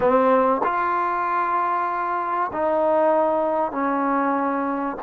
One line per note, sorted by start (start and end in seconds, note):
0.00 0.61 C4
0.63 2.51 F4
2.52 3.71 D#4
3.71 4.96 C#4